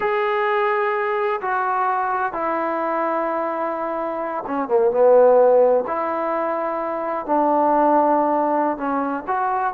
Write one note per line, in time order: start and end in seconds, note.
0.00 1.40 G#4
1.41 2.32 F#4
2.32 4.43 E4
4.47 4.68 C#4
4.68 4.90 A#3
4.90 5.84 B3
5.87 7.25 E4
7.25 8.77 D4
8.77 9.24 C#4
9.27 9.73 F#4